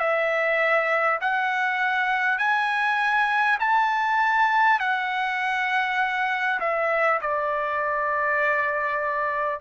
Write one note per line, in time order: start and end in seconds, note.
0.00 1.20 E5
1.21 2.38 F#5
2.38 3.58 G#5
3.59 4.79 A5
4.80 6.60 F#5
6.60 7.20 E5
7.22 9.61 D5